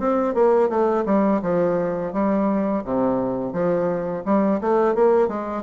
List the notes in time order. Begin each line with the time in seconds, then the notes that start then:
0.00 C4
0.35 A#3
0.70 A3
1.06 G3
1.42 F3
2.13 G3
2.85 C3
3.53 F3
4.25 G3
4.61 A3
4.95 A#3
5.28 G#3